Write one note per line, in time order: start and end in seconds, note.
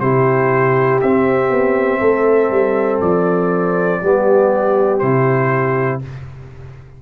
0.00 1.00 C3
0.00 1.02 E4
0.00 2.00 G4
0.00 1.00 C5
1.01 1.51 C4
1.01 4.03 C4
1.01 3.01 E5
1.51 2.01 B3
2.00 2.50 A3
2.00 4.00 A4
2.50 3.00 G3
3.01 4.01 F3
3.01 4.99 D5
4.02 5.02 G3
4.02 5.02 B3
4.02 6.02 G4
4.99 6.02 C3
4.99 6.02 E4
4.99 5.99 C5